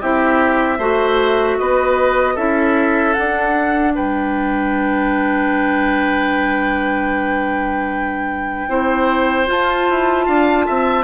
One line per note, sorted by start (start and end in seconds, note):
0.00 0.78 C4
0.00 0.78 E4
0.00 0.78 G4
0.00 1.58 E5
0.78 1.57 A3
0.78 2.36 F#4
0.78 1.57 C5
1.58 2.36 B3
1.58 2.34 B4
1.58 2.37 D#5
2.34 3.15 C#4
2.34 3.15 E4
2.34 3.92 A4
2.34 3.13 E5
3.13 8.69 D4
3.13 3.97 D4
3.13 3.92 F#5
3.95 8.68 G3
3.95 8.68 B4
3.95 9.48 G5
8.68 9.47 C4
8.68 9.46 E4
8.68 10.25 C5
9.46 11.03 F4
9.46 9.89 F4
9.46 11.03 A5
9.89 10.27 E4
10.25 10.67 D4
10.25 10.65 F5
10.66 11.03 C4
10.66 11.03 E5